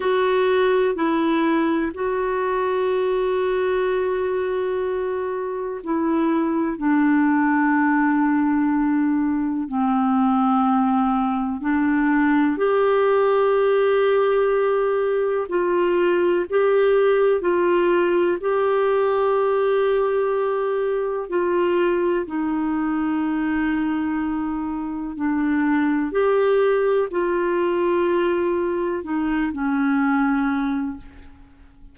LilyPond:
\new Staff \with { instrumentName = "clarinet" } { \time 4/4 \tempo 4 = 62 fis'4 e'4 fis'2~ | fis'2 e'4 d'4~ | d'2 c'2 | d'4 g'2. |
f'4 g'4 f'4 g'4~ | g'2 f'4 dis'4~ | dis'2 d'4 g'4 | f'2 dis'8 cis'4. | }